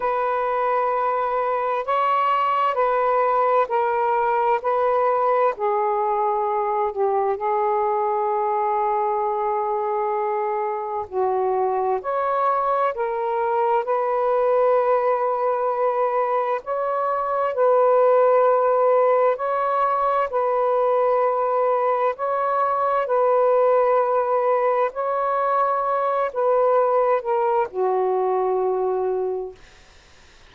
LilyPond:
\new Staff \with { instrumentName = "saxophone" } { \time 4/4 \tempo 4 = 65 b'2 cis''4 b'4 | ais'4 b'4 gis'4. g'8 | gis'1 | fis'4 cis''4 ais'4 b'4~ |
b'2 cis''4 b'4~ | b'4 cis''4 b'2 | cis''4 b'2 cis''4~ | cis''8 b'4 ais'8 fis'2 | }